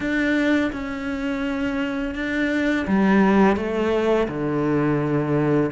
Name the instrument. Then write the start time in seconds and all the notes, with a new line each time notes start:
cello
0.00 D4
0.72 C#4
2.14 D4
2.87 G3
3.56 A3
4.28 D3